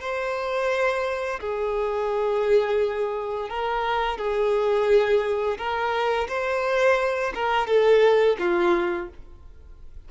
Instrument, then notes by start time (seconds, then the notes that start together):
violin
0.00 C5
1.40 G#4
3.49 A#4
4.18 G#4
5.58 A#4
6.28 C5
7.34 A#4
7.67 A4
8.39 F4